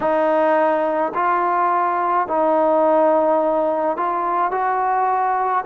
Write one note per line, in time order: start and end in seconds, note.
0.00 1.12 D#4
1.14 2.27 F4
2.27 3.96 D#4
3.96 4.51 F4
4.51 5.64 F#4